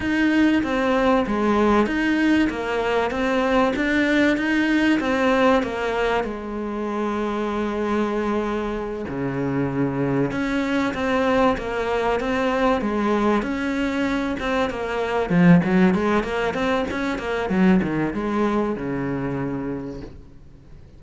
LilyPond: \new Staff \with { instrumentName = "cello" } { \time 4/4 \tempo 4 = 96 dis'4 c'4 gis4 dis'4 | ais4 c'4 d'4 dis'4 | c'4 ais4 gis2~ | gis2~ gis8 cis4.~ |
cis8 cis'4 c'4 ais4 c'8~ | c'8 gis4 cis'4. c'8 ais8~ | ais8 f8 fis8 gis8 ais8 c'8 cis'8 ais8 | fis8 dis8 gis4 cis2 | }